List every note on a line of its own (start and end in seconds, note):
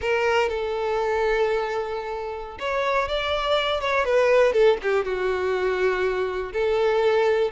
0.01 0.49 A#4
0.49 2.58 A4
2.59 3.08 C#5
3.08 3.80 D5
3.80 4.04 C#5
4.04 4.52 B4
4.52 4.77 A4
4.82 5.05 G4
5.05 6.52 F#4
6.52 7.51 A4